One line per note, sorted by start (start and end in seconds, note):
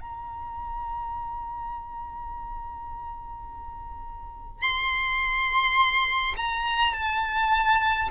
0.00 4.62 A#5
4.62 6.35 C6
6.36 6.93 A#5
6.93 8.09 A5